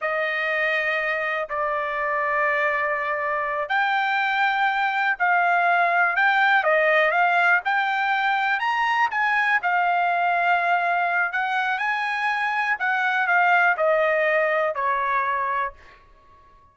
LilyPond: \new Staff \with { instrumentName = "trumpet" } { \time 4/4 \tempo 4 = 122 dis''2. d''4~ | d''2.~ d''8 g''8~ | g''2~ g''8 f''4.~ | f''8 g''4 dis''4 f''4 g''8~ |
g''4. ais''4 gis''4 f''8~ | f''2. fis''4 | gis''2 fis''4 f''4 | dis''2 cis''2 | }